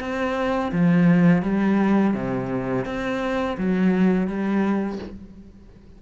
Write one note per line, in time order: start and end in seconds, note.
0.00 0.71 C4
0.72 1.43 F3
1.43 2.14 G3
2.14 2.85 C3
2.85 3.56 C4
3.57 4.27 F#3
4.27 4.99 G3